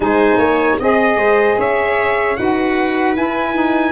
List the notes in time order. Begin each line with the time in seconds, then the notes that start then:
0.00 G#3 D#4 C5 G#5
0.37 A#3 C#5
0.79 C4 G#4 D#5
1.16 G#3 C5
1.57 C#4 C#5 E5
2.36 D#4 F#4 B4 F#5
3.15 E4 G#5
3.54 D#4